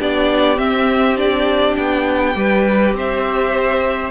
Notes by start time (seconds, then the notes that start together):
0.00 B3 D4 G4 D5
0.57 C4 E5
1.17 D4 D5
1.76 B3 G5
2.35 G3 G4 B4
2.93 C4 C5 E5